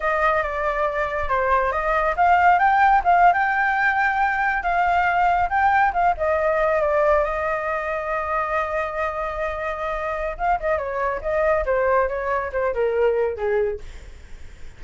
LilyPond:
\new Staff \with { instrumentName = "flute" } { \time 4/4 \tempo 4 = 139 dis''4 d''2 c''4 | dis''4 f''4 g''4 f''8. g''16~ | g''2~ g''8. f''4~ f''16~ | f''8. g''4 f''8 dis''4. d''16~ |
d''8. dis''2.~ dis''16~ | dis''1 | f''8 dis''8 cis''4 dis''4 c''4 | cis''4 c''8 ais'4. gis'4 | }